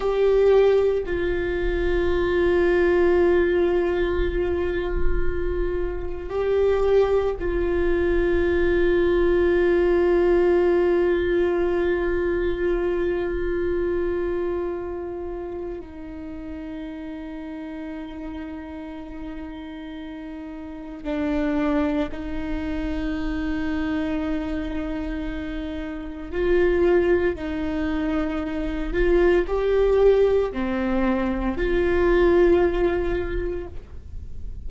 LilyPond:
\new Staff \with { instrumentName = "viola" } { \time 4/4 \tempo 4 = 57 g'4 f'2.~ | f'2 g'4 f'4~ | f'1~ | f'2. dis'4~ |
dis'1 | d'4 dis'2.~ | dis'4 f'4 dis'4. f'8 | g'4 c'4 f'2 | }